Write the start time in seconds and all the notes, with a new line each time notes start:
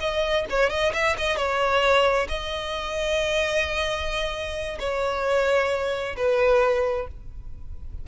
0.00 D#5
0.50 C#5
0.70 D#5
0.93 E5
1.18 D#5
1.36 C#5
2.29 D#5
4.79 C#5
6.16 B4